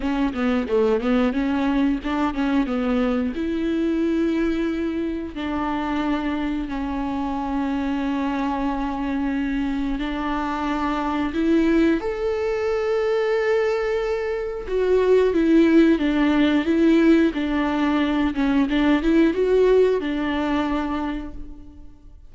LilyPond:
\new Staff \with { instrumentName = "viola" } { \time 4/4 \tempo 4 = 90 cis'8 b8 a8 b8 cis'4 d'8 cis'8 | b4 e'2. | d'2 cis'2~ | cis'2. d'4~ |
d'4 e'4 a'2~ | a'2 fis'4 e'4 | d'4 e'4 d'4. cis'8 | d'8 e'8 fis'4 d'2 | }